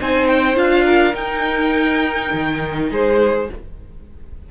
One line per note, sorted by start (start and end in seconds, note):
0.00 0.56 C4
0.00 0.56 D#4
0.00 0.84 C5
0.00 0.27 G#5
0.27 0.56 G5
0.56 1.14 D4
0.56 1.13 F4
0.56 1.15 F5
0.84 2.88 A#4
1.13 3.46 D#4
1.13 2.31 D#4
1.13 2.90 G5
2.33 2.91 D#3
2.91 3.49 G#3
2.91 3.50 G#4
2.91 3.51 C5